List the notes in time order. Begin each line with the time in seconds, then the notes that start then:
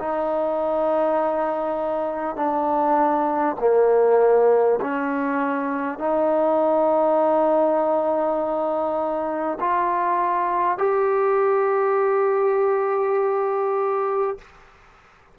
0.00 D#4
2.37 D4
3.60 A#3
4.82 C#4
5.99 D#4
9.61 F4
10.78 G4